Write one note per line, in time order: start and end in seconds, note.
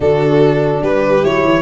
0.00 0.80 D3
0.00 1.21 D4
0.00 0.82 F#4
0.00 0.83 A4
0.81 1.23 G3
0.81 1.61 G4
0.81 1.24 B4
1.21 1.44 F#3
1.21 1.61 E4
1.21 1.61 C#5
1.44 1.61 E3